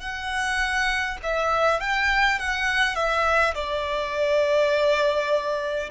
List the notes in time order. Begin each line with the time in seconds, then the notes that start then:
0.00 F#5
1.23 E5
1.80 G5
2.39 F#5
2.95 E5
3.55 D5